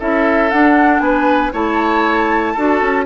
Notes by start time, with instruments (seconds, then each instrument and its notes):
0.00 bassoon C#4, clarinet E4, oboe A4, flute E5
0.51 bassoon D4, clarinet D4, flute F#5
1.00 bassoon B3, oboe B4, flute G#5
1.53 bassoon A3, clarinet E4, oboe C#5, flute A5
2.54 bassoon D4, clarinet F#4, oboe A4
2.82 bassoon C#4